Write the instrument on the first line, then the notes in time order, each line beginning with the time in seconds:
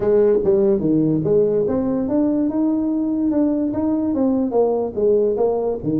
tuba
0.00 G#3
0.44 G3
0.80 D#3
1.24 G#3
1.67 C4
2.08 D4
2.49 D#4
3.31 D4
3.73 D#4
4.14 C4
4.51 A#3
4.95 G#3
5.36 A#3
5.83 D#3